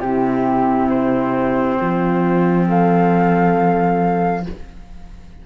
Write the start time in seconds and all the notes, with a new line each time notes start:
0.00 C3 C4 E4 G4
0.90 C5
1.81 F3 F4
2.68 A4 F5